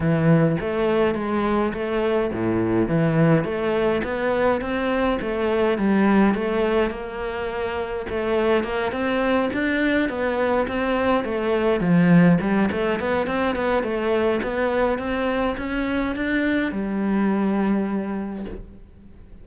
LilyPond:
\new Staff \with { instrumentName = "cello" } { \time 4/4 \tempo 4 = 104 e4 a4 gis4 a4 | a,4 e4 a4 b4 | c'4 a4 g4 a4 | ais2 a4 ais8 c'8~ |
c'8 d'4 b4 c'4 a8~ | a8 f4 g8 a8 b8 c'8 b8 | a4 b4 c'4 cis'4 | d'4 g2. | }